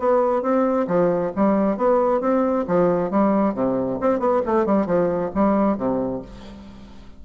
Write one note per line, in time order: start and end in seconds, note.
0.00 0.42 B3
0.42 0.87 C4
0.88 1.32 F3
1.36 1.77 G3
1.77 2.21 B3
2.21 2.65 C4
2.68 3.11 F3
3.11 3.55 G3
3.55 3.99 C3
4.01 4.20 C4
4.20 4.42 B3
4.46 4.66 A3
4.66 4.87 G3
4.87 5.31 F3
5.35 5.78 G3
5.78 6.22 C3